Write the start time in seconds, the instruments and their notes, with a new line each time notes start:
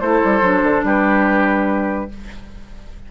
0.00 bassoon A3, clarinet E4, oboe A4, flute C5
0.24 bassoon G3
0.41 bassoon F#3, clarinet D4
0.63 bassoon D3
0.83 bassoon G3, oboe G4, flute B4